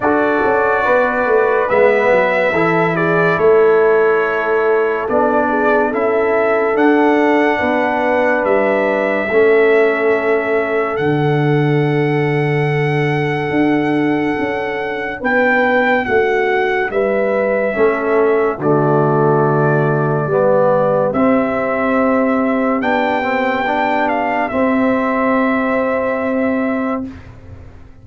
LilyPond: <<
  \new Staff \with { instrumentName = "trumpet" } { \time 4/4 \tempo 4 = 71 d''2 e''4. d''8 | cis''2 d''4 e''4 | fis''2 e''2~ | e''4 fis''2.~ |
fis''2 g''4 fis''4 | e''2 d''2~ | d''4 e''2 g''4~ | g''8 f''8 e''2. | }
  \new Staff \with { instrumentName = "horn" } { \time 4/4 a'4 b'2 a'8 gis'8 | a'2~ a'8 gis'8 a'4~ | a'4 b'2 a'4~ | a'1~ |
a'2 b'4 fis'4 | b'4 a'4 fis'2 | g'1~ | g'1 | }
  \new Staff \with { instrumentName = "trombone" } { \time 4/4 fis'2 b4 e'4~ | e'2 d'4 e'4 | d'2. cis'4~ | cis'4 d'2.~ |
d'1~ | d'4 cis'4 a2 | b4 c'2 d'8 c'8 | d'4 c'2. | }
  \new Staff \with { instrumentName = "tuba" } { \time 4/4 d'8 cis'8 b8 a8 gis8 fis8 e4 | a2 b4 cis'4 | d'4 b4 g4 a4~ | a4 d2. |
d'4 cis'4 b4 a4 | g4 a4 d2 | g4 c'2 b4~ | b4 c'2. | }
>>